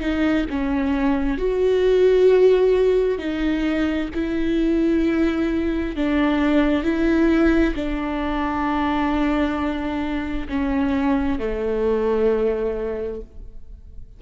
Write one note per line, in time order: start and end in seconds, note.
0.00 0.45 D#4
0.50 1.38 C#4
1.38 3.18 F#4
3.18 4.09 D#4
4.14 5.95 E4
5.95 6.83 D4
6.83 7.74 E4
7.75 10.48 D4
10.48 11.39 C#4
11.39 13.21 A3